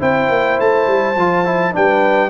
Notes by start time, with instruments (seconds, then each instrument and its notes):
0.00 tuba C4, trombone E4, horn C5, trumpet G5
0.30 tuba A#3
0.60 tuba A3, trumpet A5
0.87 tuba G3
1.16 tuba F3, trombone F4
1.45 trombone E4
1.73 tuba G3, trombone D4, horn B4, trumpet G5